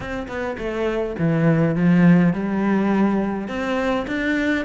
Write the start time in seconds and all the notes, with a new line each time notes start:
0.00 C4
0.28 B3
0.57 A3
1.18 E3
1.75 F3
2.33 G3
3.47 C4
4.07 D4